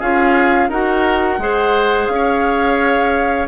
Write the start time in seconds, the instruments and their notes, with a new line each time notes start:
0.00 bassoon C#4, clarinet F4, oboe G#4, flute F5
0.69 bassoon D#4, clarinet F#4, oboe A#4, flute F#5
1.39 bassoon G#3, clarinet G#4, oboe C5
2.08 bassoon C#4, flute F5
2.15 oboe C#5